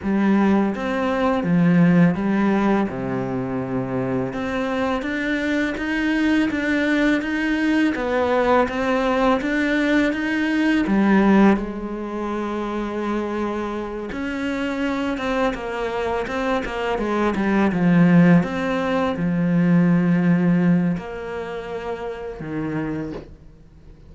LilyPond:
\new Staff \with { instrumentName = "cello" } { \time 4/4 \tempo 4 = 83 g4 c'4 f4 g4 | c2 c'4 d'4 | dis'4 d'4 dis'4 b4 | c'4 d'4 dis'4 g4 |
gis2.~ gis8 cis'8~ | cis'4 c'8 ais4 c'8 ais8 gis8 | g8 f4 c'4 f4.~ | f4 ais2 dis4 | }